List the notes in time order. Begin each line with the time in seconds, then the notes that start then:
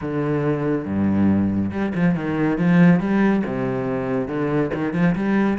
0.01 D3
0.85 G2
1.71 G3
1.95 F3
2.15 D#3
2.57 F3
3.00 G3
3.45 C3
4.28 D3
4.74 D#3
4.93 F3
5.15 G3